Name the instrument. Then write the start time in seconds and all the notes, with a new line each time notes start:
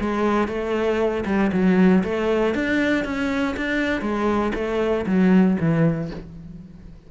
cello
0.00 G#3
0.48 A3
1.25 G3
1.53 F#3
2.04 A3
2.54 D4
3.04 C#4
3.56 D4
4.01 G#3
4.54 A3
5.06 F#3
5.60 E3